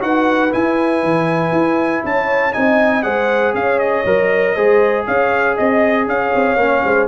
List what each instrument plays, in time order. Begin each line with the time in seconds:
0.00 tuba D#4, trombone F#4, horn B4, trumpet F#5
0.51 trombone E4, tuba E4, trumpet G#5
1.03 tuba E3
1.52 tuba E4
2.04 tuba C#4, horn C#5, trumpet A5
2.53 tuba C4, trombone D#4, horn D#5, trumpet G#5
3.03 tuba G#3, trombone G#4, horn C5, trumpet F#5
3.54 tuba C#4, horn C#5, trumpet F5
3.79 trumpet D#5
4.05 tuba F#3, trombone A#4
4.55 tuba G#3, trombone G#4, horn C5
5.07 tuba C#4, horn C#5, trumpet F5
5.56 tuba C4, horn D#5, trumpet D#5
6.06 tuba C#4, horn C#5, trumpet F5
6.35 tuba C4
6.56 tuba A#3, trombone C#4
6.84 tuba G#3, horn C5